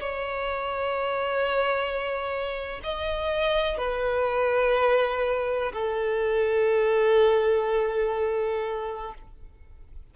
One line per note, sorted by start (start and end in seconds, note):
0.00 2.80 C#5
2.84 3.78 D#5
3.78 5.73 B4
5.73 9.14 A4